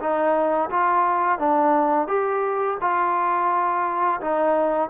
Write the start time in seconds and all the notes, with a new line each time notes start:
0.00 D#4
0.70 F4
1.39 D4
2.08 G4
2.81 F4
4.21 D#4